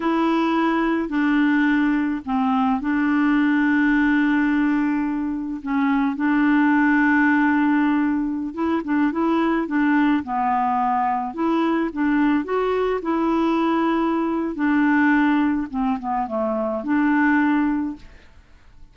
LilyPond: \new Staff \with { instrumentName = "clarinet" } { \time 4/4 \tempo 4 = 107 e'2 d'2 | c'4 d'2.~ | d'2 cis'4 d'4~ | d'2.~ d'16 e'8 d'16~ |
d'16 e'4 d'4 b4.~ b16~ | b16 e'4 d'4 fis'4 e'8.~ | e'2 d'2 | c'8 b8 a4 d'2 | }